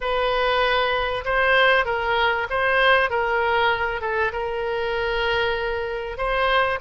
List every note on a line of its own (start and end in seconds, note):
0.00 1.24 B4
1.25 1.85 C5
1.85 2.47 A#4
2.50 3.10 C5
3.10 4.01 A#4
4.01 4.32 A4
4.32 6.17 A#4
6.17 6.79 C5